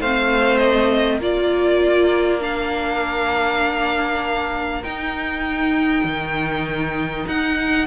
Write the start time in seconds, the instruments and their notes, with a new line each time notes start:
0.00 cello A3, viola C4, violin C5 F5
0.58 violin D#5
1.18 cello A#3, viola F4, violin A#4 D5
2.40 viola D4, violin F5
4.84 cello D#4, viola D#4, violin G5
6.05 cello D#3
7.28 cello D#4, violin F#5